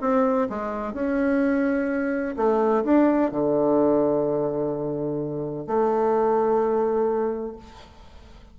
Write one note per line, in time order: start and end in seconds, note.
0.00 0.47 C4
0.49 0.93 G#3
0.93 2.35 C#4
2.36 2.83 A3
2.84 3.31 D4
3.31 5.66 D3
5.66 7.55 A3